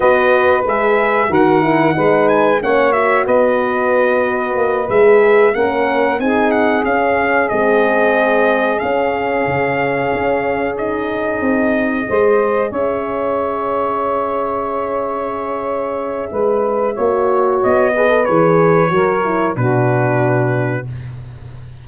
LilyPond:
<<
  \new Staff \with { instrumentName = "trumpet" } { \time 4/4 \tempo 4 = 92 dis''4 e''4 fis''4. gis''8 | fis''8 e''8 dis''2~ dis''8 e''8~ | e''8 fis''4 gis''8 fis''8 f''4 dis''8~ | dis''4. f''2~ f''8~ |
f''8 dis''2. e''8~ | e''1~ | e''2. dis''4 | cis''2 b'2 | }
  \new Staff \with { instrumentName = "saxophone" } { \time 4/4 b'2 ais'4 b'4 | cis''4 b'2.~ | b'8 ais'4 gis'2~ gis'8~ | gis'1~ |
gis'2~ gis'8 c''4 cis''8~ | cis''1~ | cis''4 b'4 cis''4. b'8~ | b'4 ais'4 fis'2 | }
  \new Staff \with { instrumentName = "horn" } { \time 4/4 fis'4 gis'4 fis'8 e'8 dis'4 | cis'8 fis'2. gis'8~ | gis'8 cis'4 dis'4 cis'4 c'8~ | c'4. cis'2~ cis'8~ |
cis'8 dis'2 gis'4.~ | gis'1~ | gis'2 fis'4. gis'16 a'16 | gis'4 fis'8 e'8 d'2 | }
  \new Staff \with { instrumentName = "tuba" } { \time 4/4 b4 gis4 dis4 gis4 | ais4 b2 ais8 gis8~ | gis8 ais4 c'4 cis'4 gis8~ | gis4. cis'4 cis4 cis'8~ |
cis'4. c'4 gis4 cis'8~ | cis'1~ | cis'4 gis4 ais4 b4 | e4 fis4 b,2 | }
>>